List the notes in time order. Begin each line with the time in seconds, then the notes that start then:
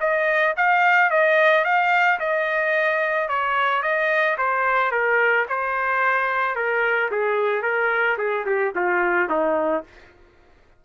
0.00 D#5
0.57 F5
1.10 D#5
1.65 F5
2.19 D#5
3.29 C#5
3.83 D#5
4.38 C5
4.91 A#4
5.48 C5
6.55 A#4
7.11 G#4
7.62 A#4
8.18 G#4
8.46 G4
8.75 F4
9.30 D#4